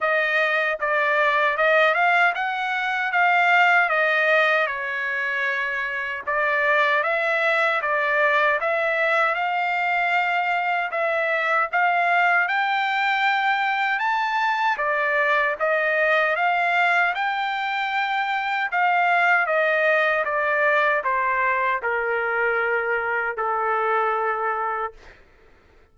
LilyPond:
\new Staff \with { instrumentName = "trumpet" } { \time 4/4 \tempo 4 = 77 dis''4 d''4 dis''8 f''8 fis''4 | f''4 dis''4 cis''2 | d''4 e''4 d''4 e''4 | f''2 e''4 f''4 |
g''2 a''4 d''4 | dis''4 f''4 g''2 | f''4 dis''4 d''4 c''4 | ais'2 a'2 | }